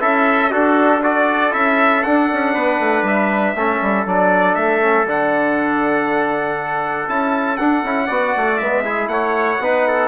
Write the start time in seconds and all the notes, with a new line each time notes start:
0.00 C#4 E4 A4 E5
0.51 D4 F#4 A4
1.03 F#4 A4 D5
1.52 C#4 E4 E5
2.04 D4 F#5
2.33 C#4
2.55 B3 B4
2.80 A3
3.03 G3 E5
3.55 A3 C#4 A4
3.82 G3
4.06 F#3 D4 D5
4.55 A3 E5
4.82 C#4
5.06 D3 D4 F#5
7.09 C#4 E4 A5
7.58 D4 F#5
7.84 C#4 E4
8.07 B3 F#4 D5
8.37 A3
8.58 G#3 B3 E5
8.84 E4 G#4
9.08 A3 C#5 F#5
9.60 B3 D#4 B4
9.88 A4